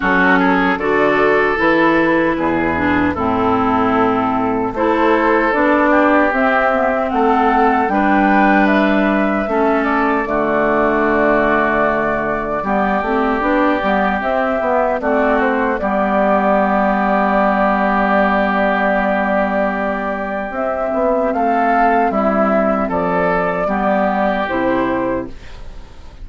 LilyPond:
<<
  \new Staff \with { instrumentName = "flute" } { \time 4/4 \tempo 4 = 76 a'4 d''4 b'2 | a'2 c''4 d''4 | e''4 fis''4 g''4 e''4~ | e''8 d''2.~ d''8~ |
d''2 e''4 d''8 c''8 | d''1~ | d''2 e''4 f''4 | e''4 d''2 c''4 | }
  \new Staff \with { instrumentName = "oboe" } { \time 4/4 fis'8 gis'8 a'2 gis'4 | e'2 a'4. g'8~ | g'4 a'4 b'2 | a'4 fis'2. |
g'2. fis'4 | g'1~ | g'2. a'4 | e'4 a'4 g'2 | }
  \new Staff \with { instrumentName = "clarinet" } { \time 4/4 cis'4 fis'4 e'4. d'8 | c'2 e'4 d'4 | c'8 b16 c'4~ c'16 d'2 | cis'4 a2. |
b8 c'8 d'8 b8 c'8 b8 c'4 | b1~ | b2 c'2~ | c'2 b4 e'4 | }
  \new Staff \with { instrumentName = "bassoon" } { \time 4/4 fis4 d4 e4 e,4 | a,2 a4 b4 | c'4 a4 g2 | a4 d2. |
g8 a8 b8 g8 c'8 b8 a4 | g1~ | g2 c'8 b8 a4 | g4 f4 g4 c4 | }
>>